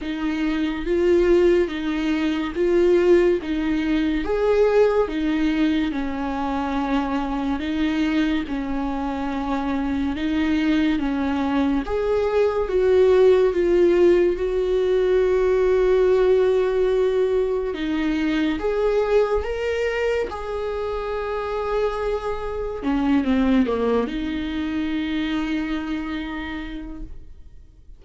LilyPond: \new Staff \with { instrumentName = "viola" } { \time 4/4 \tempo 4 = 71 dis'4 f'4 dis'4 f'4 | dis'4 gis'4 dis'4 cis'4~ | cis'4 dis'4 cis'2 | dis'4 cis'4 gis'4 fis'4 |
f'4 fis'2.~ | fis'4 dis'4 gis'4 ais'4 | gis'2. cis'8 c'8 | ais8 dis'2.~ dis'8 | }